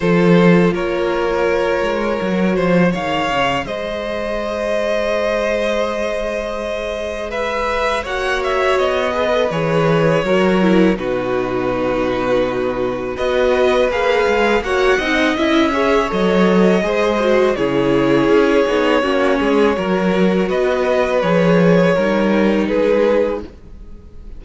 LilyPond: <<
  \new Staff \with { instrumentName = "violin" } { \time 4/4 \tempo 4 = 82 c''4 cis''2. | f''4 dis''2.~ | dis''2 e''4 fis''8 e''8 | dis''4 cis''2 b'4~ |
b'2 dis''4 f''4 | fis''4 e''4 dis''2 | cis''1 | dis''4 cis''2 b'4 | }
  \new Staff \with { instrumentName = "violin" } { \time 4/4 a'4 ais'2~ ais'8 c''8 | cis''4 c''2.~ | c''2 b'4 cis''4~ | cis''8 b'4. ais'4 fis'4~ |
fis'2 b'2 | cis''8 dis''4 cis''4. c''4 | gis'2 fis'8 gis'8 ais'4 | b'2 ais'4 gis'4 | }
  \new Staff \with { instrumentName = "viola" } { \time 4/4 f'2. fis'4 | gis'1~ | gis'2. fis'4~ | fis'8 gis'16 a'16 gis'4 fis'8 e'8 dis'4~ |
dis'2 fis'4 gis'4 | fis'8 dis'8 e'8 gis'8 a'4 gis'8 fis'8 | e'4. dis'8 cis'4 fis'4~ | fis'4 gis'4 dis'2 | }
  \new Staff \with { instrumentName = "cello" } { \time 4/4 f4 ais4. gis8 fis8 f8 | dis8 cis8 gis2.~ | gis2. ais4 | b4 e4 fis4 b,4~ |
b,2 b4 ais8 gis8 | ais8 c'8 cis'4 fis4 gis4 | cis4 cis'8 b8 ais8 gis8 fis4 | b4 f4 g4 gis4 | }
>>